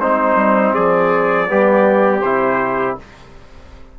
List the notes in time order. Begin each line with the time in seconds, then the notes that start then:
0.00 G#3 C4 D#4 C5
0.35 G3
0.74 F3 G#4 D5
1.48 G3 B3 G4
2.21 C3 E4 C5